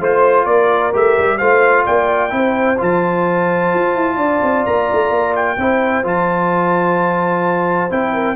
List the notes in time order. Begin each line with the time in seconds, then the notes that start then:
0.00 A3 F4 C5
0.46 A#3 A#4 D5
0.93 A3 G4 E5
1.18 G3
1.38 A3 F4 C5 F5
1.86 A#3 D5 G5
2.30 C4 E4 C5
2.78 F3 F4 A5
3.75 F4
3.96 E4
4.17 D4 D5
4.43 C4
4.66 A#3 A#5
4.93 A3
5.11 A#3
5.36 G5
5.58 C4 E4 C5
6.04 F3 F4 A5
7.91 C4 E4 G5
8.13 A#4